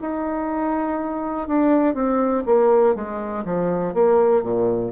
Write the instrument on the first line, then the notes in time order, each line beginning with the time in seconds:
bassoon
0.00 D#4
1.48 D4
1.94 C4
2.45 A#3
2.95 G#3
3.44 F3
3.93 A#3
4.42 A#2